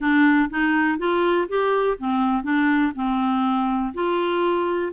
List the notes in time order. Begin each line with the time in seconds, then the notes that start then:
0.00 D4
0.50 D#4
0.98 F4
1.48 G4
1.98 C4
2.43 D4
2.95 C4
3.93 F4